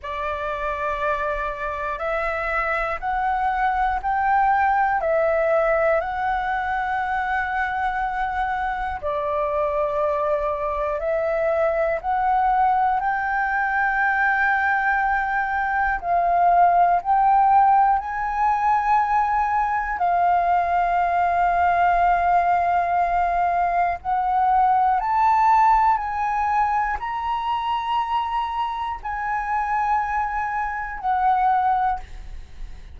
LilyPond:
\new Staff \with { instrumentName = "flute" } { \time 4/4 \tempo 4 = 60 d''2 e''4 fis''4 | g''4 e''4 fis''2~ | fis''4 d''2 e''4 | fis''4 g''2. |
f''4 g''4 gis''2 | f''1 | fis''4 a''4 gis''4 ais''4~ | ais''4 gis''2 fis''4 | }